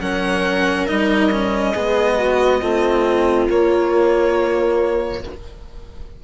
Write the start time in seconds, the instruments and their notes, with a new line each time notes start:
0.00 bassoon F#3, cello C#4, viola A#4, violin F#5
0.86 bassoon G3, cello D#4, violin D#5
1.31 cello C#4
1.72 bassoon G#3, cello B3, viola G#4
2.18 viola F#4
2.61 bassoon A3, cello C4, viola F4
3.49 bassoon A#3, cello A#3, violin C#5